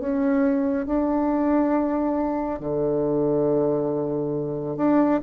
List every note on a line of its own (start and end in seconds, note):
0.00 0.87 C#4
0.87 2.60 D4
2.60 4.77 D3
4.77 5.21 D4